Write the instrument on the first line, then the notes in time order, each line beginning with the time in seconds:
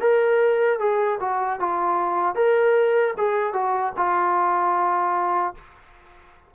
trombone
0.00 A#4
0.79 G#4
1.19 F#4
1.59 F4
2.35 A#4
3.17 G#4
3.53 F#4
3.96 F4